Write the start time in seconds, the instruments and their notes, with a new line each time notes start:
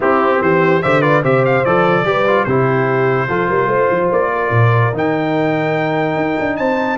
0.00 trombone C4, tuba C4, horn E4, trumpet G4
0.40 tuba E3, horn G4, trumpet C5
0.82 tuba D3, trombone G4, horn C5, trumpet E5
1.01 trombone F4, horn B4, trumpet D5
1.22 tuba C3, trombone G4, horn C5, trumpet E5
1.45 trumpet F5
1.64 tuba F3, trombone A4, trumpet D5
2.04 tuba G3, trombone G4, horn B4
2.27 trombone F4
2.44 tuba C3, trombone E4, horn G4, trumpet C5
3.28 tuba F3, trombone F4, horn A4
3.48 tuba G3, horn A#4
3.67 tuba A3, horn C5
3.89 tuba F3
4.11 tuba A#3, trumpet D5
4.34 horn A#4
4.50 tuba A#2
4.92 tuba D#3, trombone D#4, trumpet G5
6.16 tuba D#4
6.39 tuba D4
6.56 tuba C4, horn C5, trumpet A5